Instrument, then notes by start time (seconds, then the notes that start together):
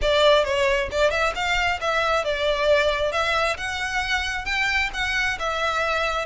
violin
0.01 D5
0.44 C#5
0.91 D5
1.11 E5
1.35 F5
1.80 E5
2.24 D5
3.11 E5
3.57 F#5
4.45 G5
4.93 F#5
5.39 E5